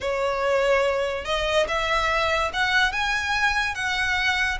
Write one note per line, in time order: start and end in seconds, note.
0.00 1.24 C#5
1.24 1.66 D#5
1.68 2.51 E5
2.53 2.92 F#5
2.92 3.75 G#5
3.75 4.58 F#5